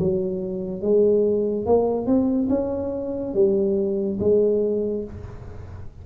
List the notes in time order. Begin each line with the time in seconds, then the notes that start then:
0.00 F#3
0.82 G#3
1.67 A#3
2.07 C4
2.50 C#4
3.34 G3
4.20 G#3